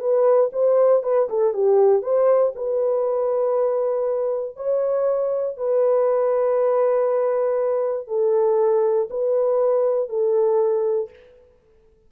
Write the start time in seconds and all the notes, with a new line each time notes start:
0.00 B4
0.53 C5
1.03 B4
1.30 A4
1.54 G4
2.03 C5
2.56 B4
4.57 C#5
5.58 B4
8.08 A4
9.11 B4
10.09 A4